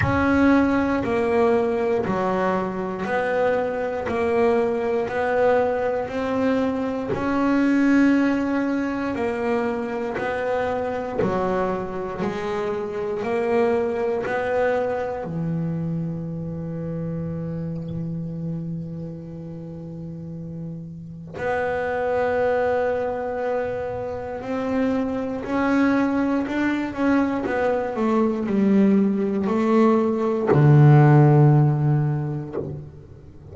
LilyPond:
\new Staff \with { instrumentName = "double bass" } { \time 4/4 \tempo 4 = 59 cis'4 ais4 fis4 b4 | ais4 b4 c'4 cis'4~ | cis'4 ais4 b4 fis4 | gis4 ais4 b4 e4~ |
e1~ | e4 b2. | c'4 cis'4 d'8 cis'8 b8 a8 | g4 a4 d2 | }